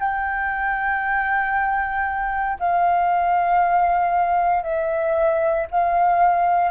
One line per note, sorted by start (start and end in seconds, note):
0.00 2.59 G5
2.60 4.64 F5
4.64 5.67 E5
5.71 6.71 F5